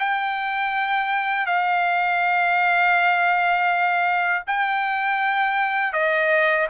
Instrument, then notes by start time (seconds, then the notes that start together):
trumpet
0.00 G5
1.47 F5
4.47 G5
5.93 D#5